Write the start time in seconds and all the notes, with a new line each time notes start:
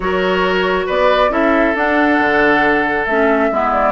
0.00 F#3 F#4 A#4 C#5
0.86 B3 B4 D5
1.29 C#4 E4 A4 E5
1.75 D4 F#5
2.19 D3
3.05 A3 C#4 E5
3.51 G#3 B3 E4
3.71 D5